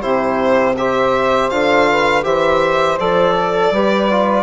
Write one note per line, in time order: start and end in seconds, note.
0.00 1.51 C3
0.00 0.76 E4
0.00 0.74 G4
0.00 0.75 C5
0.77 1.51 G4
0.77 1.90 C5
0.77 1.50 E5
1.50 2.24 D3
1.50 2.23 F4
1.50 2.24 F5
1.90 2.24 B4
2.23 2.98 E3
2.23 2.97 G4
2.23 3.35 C5
2.23 2.98 E5
3.00 3.71 F3
3.00 3.74 A4
3.00 4.42 D5
3.36 3.72 A4
3.71 4.42 G3
3.71 4.11 G4
3.71 4.42 B4
4.11 4.42 F4